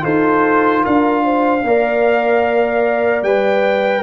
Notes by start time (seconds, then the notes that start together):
0.00 D#4 F4 A4 C5
0.83 D4 A#4 F5
1.24 C5
1.63 A#3 A#4 D5
3.22 G3 B4 G5